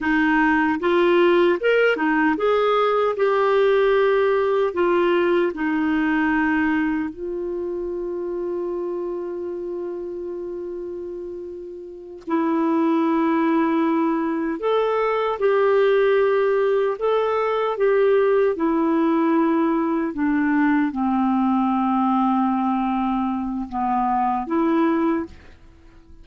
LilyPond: \new Staff \with { instrumentName = "clarinet" } { \time 4/4 \tempo 4 = 76 dis'4 f'4 ais'8 dis'8 gis'4 | g'2 f'4 dis'4~ | dis'4 f'2.~ | f'2.~ f'8 e'8~ |
e'2~ e'8 a'4 g'8~ | g'4. a'4 g'4 e'8~ | e'4. d'4 c'4.~ | c'2 b4 e'4 | }